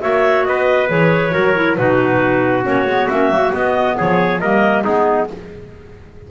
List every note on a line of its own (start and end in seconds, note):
0.00 0.47 A#3
0.00 0.87 F#4
0.00 0.46 C#5
0.00 0.44 E5
0.44 0.89 B3
0.44 1.33 B4
0.44 0.88 D#5
0.87 1.33 E3
0.87 1.31 G#4
0.87 1.75 C#5
1.31 1.78 F#3
1.31 1.53 F#4
1.31 1.77 A#4
1.55 1.76 E4
1.75 2.65 B2
1.75 2.62 D#4
1.75 3.97 F#4
1.75 2.63 B4
2.62 2.86 A#3
2.62 2.84 C#4
2.62 3.08 C#5
2.86 3.07 G#3
2.86 3.10 B3
3.08 3.29 A#3
3.08 3.31 C#4
3.08 3.52 E5
3.29 3.51 F#3
3.29 3.52 A#3
3.52 4.40 B3
3.52 3.97 B3
3.52 3.97 D#5
3.97 4.41 F3
3.97 4.40 G#4
3.97 4.39 C#5
4.39 4.85 G3
4.39 4.84 A#3
4.39 4.84 A#4
4.39 4.83 D#5
4.83 5.30 G#3
4.83 5.28 B3
4.83 5.28 D#4
4.83 5.27 G#4